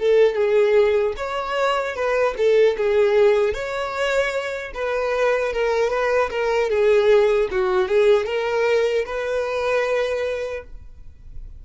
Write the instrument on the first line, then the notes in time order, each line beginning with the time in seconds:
violin
0.00 A4
0.36 G#4
1.17 C#5
1.96 B4
2.38 A4
2.78 G#4
3.54 C#5
4.74 B4
5.53 A#4
5.90 B4
6.31 A#4
6.70 G#4
7.51 F#4
7.89 G#4
8.26 A#4
9.06 B4